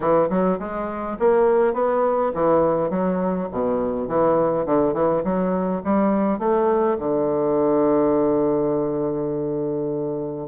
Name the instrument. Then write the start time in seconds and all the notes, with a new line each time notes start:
bassoon
0.00 E3
0.29 F#3
0.59 G#3
1.19 A#3
1.73 B3
2.34 E3
2.90 F#3
3.51 B2
4.08 E3
4.65 D3
4.93 E3
5.23 F#3
5.84 G3
6.38 A3
6.98 D3